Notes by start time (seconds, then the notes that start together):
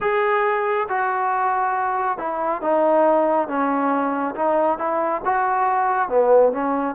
0.00 G#4
0.89 F#4
2.17 E4
2.61 D#4
3.47 C#4
4.35 D#4
4.78 E4
5.24 F#4
6.09 B3
6.52 C#4